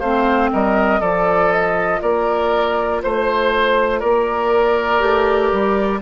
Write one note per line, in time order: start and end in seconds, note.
0.00 0.51 A3
0.00 1.02 C4
0.00 0.50 C5
0.00 0.50 F5
0.53 1.02 G3
0.53 1.01 A#4
0.53 1.01 D#5
1.01 2.02 F3
1.01 5.00 F4
1.01 2.01 A4
1.01 1.51 D5
1.52 2.02 D#5
2.02 3.02 A#3
2.02 3.02 A#4
2.02 3.02 D5
3.03 4.03 A3
3.03 4.00 C5
4.00 5.02 A#3
4.00 6.00 A#4
4.00 6.00 D5
5.00 5.52 A3
5.00 6.00 G4
5.52 6.02 G3